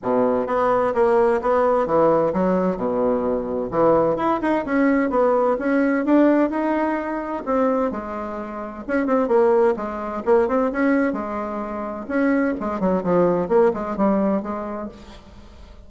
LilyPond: \new Staff \with { instrumentName = "bassoon" } { \time 4/4 \tempo 4 = 129 b,4 b4 ais4 b4 | e4 fis4 b,2 | e4 e'8 dis'8 cis'4 b4 | cis'4 d'4 dis'2 |
c'4 gis2 cis'8 c'8 | ais4 gis4 ais8 c'8 cis'4 | gis2 cis'4 gis8 fis8 | f4 ais8 gis8 g4 gis4 | }